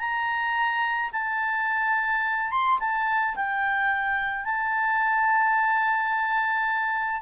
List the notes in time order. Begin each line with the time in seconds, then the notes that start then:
0.00 A#5
1.13 A5
2.52 C6
2.80 A5
3.36 G5
4.45 A5